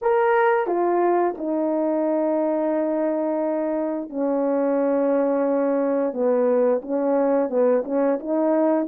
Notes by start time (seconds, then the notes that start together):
0.01 A#4
0.66 F4
1.37 D#4
4.09 C#4
6.13 B3
6.82 C#4
7.49 B3
7.84 C#4
8.19 D#4